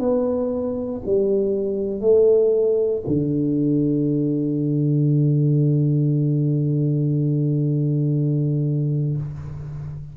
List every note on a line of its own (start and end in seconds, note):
0.00 1.02 B3
1.06 2.01 G3
2.01 3.03 A3
3.07 9.18 D3